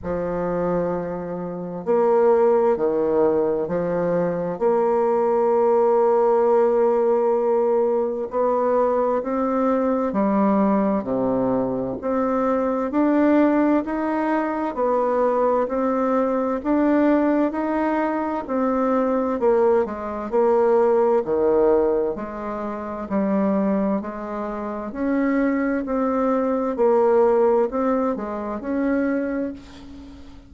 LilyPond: \new Staff \with { instrumentName = "bassoon" } { \time 4/4 \tempo 4 = 65 f2 ais4 dis4 | f4 ais2.~ | ais4 b4 c'4 g4 | c4 c'4 d'4 dis'4 |
b4 c'4 d'4 dis'4 | c'4 ais8 gis8 ais4 dis4 | gis4 g4 gis4 cis'4 | c'4 ais4 c'8 gis8 cis'4 | }